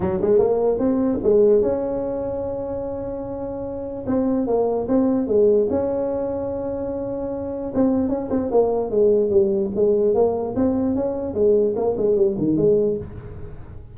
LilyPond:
\new Staff \with { instrumentName = "tuba" } { \time 4/4 \tempo 4 = 148 fis8 gis8 ais4 c'4 gis4 | cis'1~ | cis'2 c'4 ais4 | c'4 gis4 cis'2~ |
cis'2. c'4 | cis'8 c'8 ais4 gis4 g4 | gis4 ais4 c'4 cis'4 | gis4 ais8 gis8 g8 dis8 gis4 | }